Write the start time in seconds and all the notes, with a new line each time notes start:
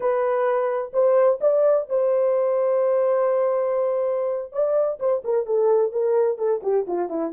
0.00 B4
0.93 C5
1.41 D5
1.89 C5
4.52 D5
4.99 C5
5.24 A#4
5.45 A4
5.92 A#4
6.38 A4
6.62 G4
6.87 F4
7.09 E4